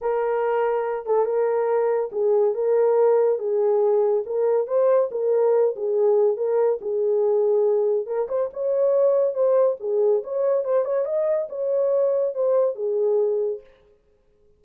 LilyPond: \new Staff \with { instrumentName = "horn" } { \time 4/4 \tempo 4 = 141 ais'2~ ais'8 a'8 ais'4~ | ais'4 gis'4 ais'2 | gis'2 ais'4 c''4 | ais'4. gis'4. ais'4 |
gis'2. ais'8 c''8 | cis''2 c''4 gis'4 | cis''4 c''8 cis''8 dis''4 cis''4~ | cis''4 c''4 gis'2 | }